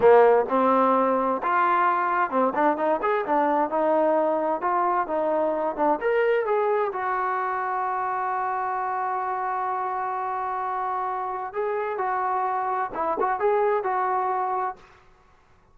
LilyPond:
\new Staff \with { instrumentName = "trombone" } { \time 4/4 \tempo 4 = 130 ais4 c'2 f'4~ | f'4 c'8 d'8 dis'8 gis'8 d'4 | dis'2 f'4 dis'4~ | dis'8 d'8 ais'4 gis'4 fis'4~ |
fis'1~ | fis'1~ | fis'4 gis'4 fis'2 | e'8 fis'8 gis'4 fis'2 | }